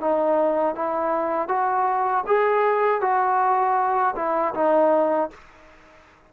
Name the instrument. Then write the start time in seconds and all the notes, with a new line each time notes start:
trombone
0.00 D#4
0.75 E4
1.48 F#4
2.26 G#4
3.01 F#4
4.16 E4
4.54 D#4